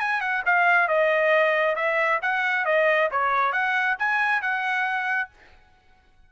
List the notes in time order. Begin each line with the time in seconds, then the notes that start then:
0.00 G#5
0.21 F#5
0.46 F5
0.89 D#5
1.76 E5
2.22 F#5
2.66 D#5
3.12 C#5
3.53 F#5
3.99 G#5
4.42 F#5